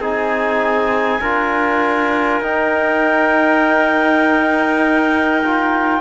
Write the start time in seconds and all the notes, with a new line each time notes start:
0.00 C4 D#4 G#4 G#5
1.21 D4 F4 A#4
2.41 D#4 G5
5.44 F4